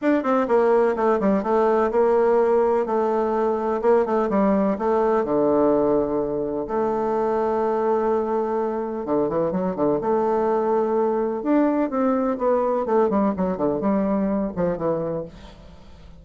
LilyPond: \new Staff \with { instrumentName = "bassoon" } { \time 4/4 \tempo 4 = 126 d'8 c'8 ais4 a8 g8 a4 | ais2 a2 | ais8 a8 g4 a4 d4~ | d2 a2~ |
a2. d8 e8 | fis8 d8 a2. | d'4 c'4 b4 a8 g8 | fis8 d8 g4. f8 e4 | }